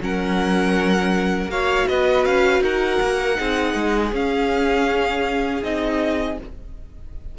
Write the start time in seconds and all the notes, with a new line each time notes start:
0.00 F#3 C#4 A#4 F#5
1.47 A#3 F#4 C#5 F5
1.87 B3 B4 D#5
2.24 C#4 F5
2.60 D#4 A#4 F#5
3.01 A#3
3.35 C4 D#4 G#4
3.74 G#3
4.12 C#4 F5
5.62 C4 D#4 D#5